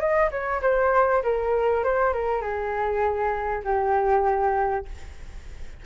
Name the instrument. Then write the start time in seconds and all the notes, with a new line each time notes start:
flute
0.00 D#5
0.31 C#5
0.62 C5
1.23 A#4
1.84 C5
2.13 A#4
2.42 G#4
3.64 G4